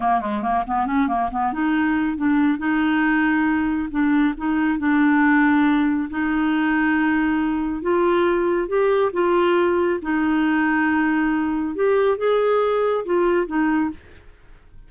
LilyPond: \new Staff \with { instrumentName = "clarinet" } { \time 4/4 \tempo 4 = 138 ais8 gis8 ais8 b8 cis'8 ais8 b8 dis'8~ | dis'4 d'4 dis'2~ | dis'4 d'4 dis'4 d'4~ | d'2 dis'2~ |
dis'2 f'2 | g'4 f'2 dis'4~ | dis'2. g'4 | gis'2 f'4 dis'4 | }